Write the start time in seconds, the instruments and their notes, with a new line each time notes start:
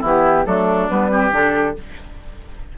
0.00 bassoon E3, clarinet B3, oboe E4, flute G4
0.45 bassoon F#3, clarinet A3, oboe D4, flute A4
0.88 bassoon G3, clarinet B3, flute B4
1.09 clarinet C4, oboe G4
1.31 bassoon D3, clarinet D4, flute A4